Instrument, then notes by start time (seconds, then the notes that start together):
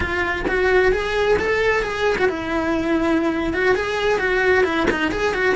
cello
0.00 F4
0.48 F#4
0.92 G#4
1.38 A4
1.82 G#4
2.18 F#4
2.28 E4
3.53 F#4
3.75 G#4
4.18 F#4
4.64 E4
4.90 D#4
5.11 G#4
5.34 F#4